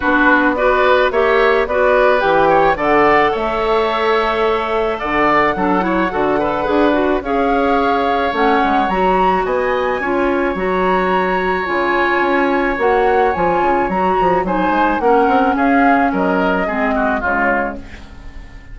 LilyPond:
<<
  \new Staff \with { instrumentName = "flute" } { \time 4/4 \tempo 4 = 108 b'4 d''4 e''4 d''4 | g''4 fis''4 e''2~ | e''4 fis''2.~ | fis''4 f''2 fis''4 |
ais''4 gis''2 ais''4~ | ais''4 gis''2 fis''4 | gis''4 ais''4 gis''4 fis''4 | f''4 dis''2 cis''4 | }
  \new Staff \with { instrumentName = "oboe" } { \time 4/4 fis'4 b'4 cis''4 b'4~ | b'8 cis''8 d''4 cis''2~ | cis''4 d''4 a'8 cis''8 a'8 b'8~ | b'4 cis''2.~ |
cis''4 dis''4 cis''2~ | cis''1~ | cis''2 c''4 ais'4 | gis'4 ais'4 gis'8 fis'8 f'4 | }
  \new Staff \with { instrumentName = "clarinet" } { \time 4/4 d'4 fis'4 g'4 fis'4 | g'4 a'2.~ | a'2 d'8 e'8 fis'8 a'8 | gis'8 fis'8 gis'2 cis'4 |
fis'2 f'4 fis'4~ | fis'4 f'2 fis'4 | f'4 fis'4 dis'4 cis'4~ | cis'2 c'4 gis4 | }
  \new Staff \with { instrumentName = "bassoon" } { \time 4/4 b2 ais4 b4 | e4 d4 a2~ | a4 d4 fis4 d4 | d'4 cis'2 a8 gis8 |
fis4 b4 cis'4 fis4~ | fis4 cis4 cis'4 ais4 | f8 cis8 fis8 f8 fis8 gis8 ais8 c'8 | cis'4 fis4 gis4 cis4 | }
>>